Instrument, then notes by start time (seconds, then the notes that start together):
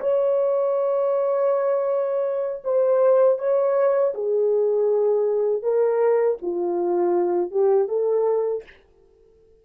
horn
0.00 C#5
2.64 C5
3.38 C#5
4.14 G#4
5.62 A#4
6.42 F4
7.51 G4
7.88 A4